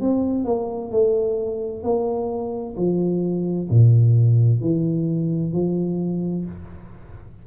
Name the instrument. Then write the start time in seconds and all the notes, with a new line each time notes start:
tuba
0.00 C4
0.45 A#3
0.91 A3
1.83 A#3
2.77 F3
3.70 A#2
4.61 E3
5.53 F3